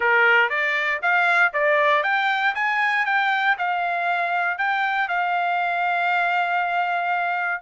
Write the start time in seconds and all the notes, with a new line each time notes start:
0.00 A#4
0.49 D5
1.02 F5
1.53 D5
2.03 G5
2.54 G#5
3.05 G5
3.57 F5
4.57 G5
5.08 F5